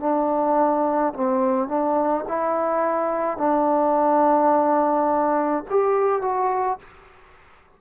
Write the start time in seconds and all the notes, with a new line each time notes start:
0.00 D4
1.14 C4
1.68 D4
2.28 E4
3.38 D4
5.70 G4
6.22 F#4